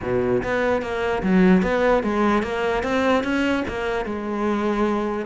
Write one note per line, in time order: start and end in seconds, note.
0.02 0.42 B2
0.43 0.82 B3
0.82 1.22 A#3
1.22 1.62 F#3
1.62 2.03 B3
2.03 2.42 G#3
2.42 2.83 A#3
2.83 3.23 C4
3.23 3.64 C#4
3.67 4.05 A#3
4.05 5.26 G#3